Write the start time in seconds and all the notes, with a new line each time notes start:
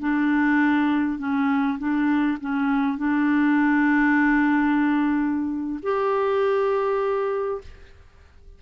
0.00 D4
1.19 C#4
1.79 D4
2.41 C#4
2.98 D4
5.83 G4